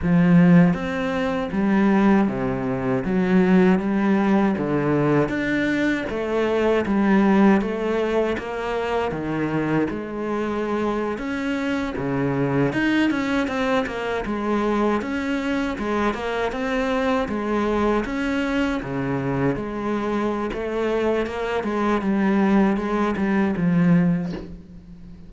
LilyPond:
\new Staff \with { instrumentName = "cello" } { \time 4/4 \tempo 4 = 79 f4 c'4 g4 c4 | fis4 g4 d4 d'4 | a4 g4 a4 ais4 | dis4 gis4.~ gis16 cis'4 cis16~ |
cis8. dis'8 cis'8 c'8 ais8 gis4 cis'16~ | cis'8. gis8 ais8 c'4 gis4 cis'16~ | cis'8. cis4 gis4~ gis16 a4 | ais8 gis8 g4 gis8 g8 f4 | }